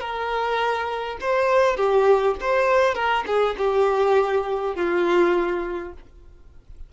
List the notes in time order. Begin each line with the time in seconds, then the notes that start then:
0.00 A#4
1.20 C5
1.76 G4
2.40 C5
2.94 A#4
3.26 G#4
3.57 G4
4.75 F4